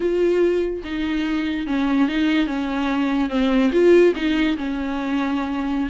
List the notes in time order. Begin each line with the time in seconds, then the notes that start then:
0.00 F4
0.84 D#4
1.66 C#4
2.08 D#4
2.46 C#4
3.29 C4
3.72 F4
4.15 D#4
4.57 C#4